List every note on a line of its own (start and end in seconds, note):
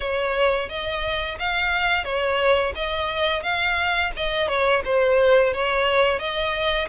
0.00 0.69 C#5
0.69 1.38 D#5
1.39 2.04 F5
2.04 2.73 C#5
2.75 3.42 D#5
3.42 4.11 F5
4.16 4.47 D#5
4.47 4.82 C#5
4.84 5.53 C5
5.53 6.19 C#5
6.19 6.88 D#5